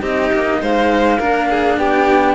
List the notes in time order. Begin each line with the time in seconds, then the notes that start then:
0.00 C4 D#4 G4 D#5
0.33 A#3
0.61 G#3 C5 F5
1.19 A#3 D4 A#4
1.50 G#4
1.77 B3 G4 G5